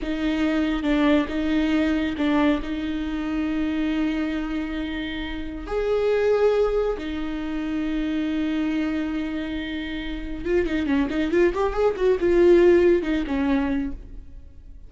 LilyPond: \new Staff \with { instrumentName = "viola" } { \time 4/4 \tempo 4 = 138 dis'2 d'4 dis'4~ | dis'4 d'4 dis'2~ | dis'1~ | dis'4 gis'2. |
dis'1~ | dis'1 | f'8 dis'8 cis'8 dis'8 f'8 g'8 gis'8 fis'8 | f'2 dis'8 cis'4. | }